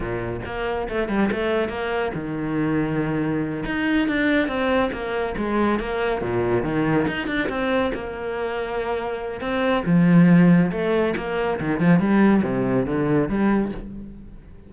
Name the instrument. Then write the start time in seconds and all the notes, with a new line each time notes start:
cello
0.00 A#2
0.45 A#3
0.88 A3
1.08 G3
1.31 A3
1.68 A#3
2.14 D#3
3.65 D#4
4.08 D4
4.47 C4
4.92 A#3
5.37 G#3
5.79 A#3
6.21 A#2
6.63 D#3
7.07 D#4
7.27 D4
7.49 C4
7.93 A#3
9.41 C4
9.85 F3
10.71 A3
11.16 A#3
11.60 D#3
11.80 F3
11.99 G3
12.43 C3
12.86 D3
13.28 G3